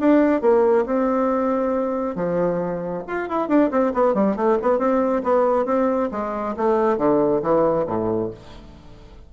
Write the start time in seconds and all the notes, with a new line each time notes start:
0.00 D4
0.42 A#3
0.86 C4
2.16 F3
3.08 F4
3.29 E4
3.48 D4
3.71 C4
3.94 B3
4.14 G3
4.36 A3
4.62 B3
4.79 C4
5.24 B3
5.66 C4
6.12 G#3
6.57 A3
6.98 D3
7.43 E3
7.87 A2